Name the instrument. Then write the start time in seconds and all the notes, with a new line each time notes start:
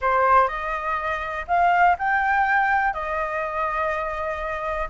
flute
0.01 C5
0.48 D#5
1.47 F5
1.98 G5
2.93 D#5